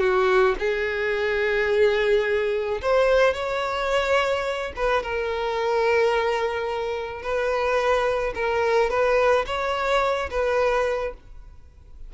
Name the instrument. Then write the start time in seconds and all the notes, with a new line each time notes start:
violin
0.00 F#4
0.60 G#4
2.82 C5
3.34 C#5
4.76 B4
5.03 A#4
7.23 B4
8.35 A#4
8.90 B4
9.47 C#5
10.31 B4